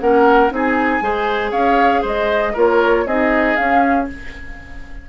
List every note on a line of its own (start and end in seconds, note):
0.00 0.51 A#3
0.00 0.50 C#4
0.00 0.53 A#4
0.00 0.51 F#5
0.50 1.01 C4
0.50 1.01 D#4
0.50 1.04 G#4
0.50 1.52 G#5
1.01 1.52 G#3
1.01 2.55 G#4
1.01 1.51 C5
1.51 2.03 C#4
1.51 2.02 C#5
1.51 2.03 F5
2.02 2.54 G#3
2.02 2.53 C5
2.02 2.57 D#5
2.53 3.06 A#3
2.53 3.06 F4
2.53 3.04 A#4
2.53 3.07 C#5
3.06 3.56 C4
3.06 3.56 D#4
3.06 4.09 G#4
3.06 3.56 D#5
3.56 4.07 C#4
3.56 4.09 C#4
3.56 4.07 F5